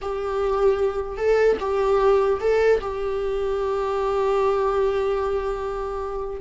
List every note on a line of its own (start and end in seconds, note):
0.01 1.17 G4
1.17 1.57 A4
1.60 2.40 G4
2.40 2.80 A4
2.81 6.41 G4